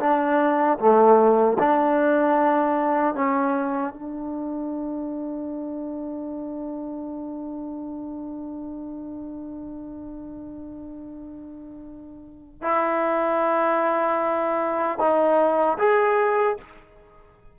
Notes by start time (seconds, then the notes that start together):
0.00 D4
0.79 A3
1.59 D4
3.15 C#4
3.94 D4
12.62 E4
14.99 D#4
15.79 G#4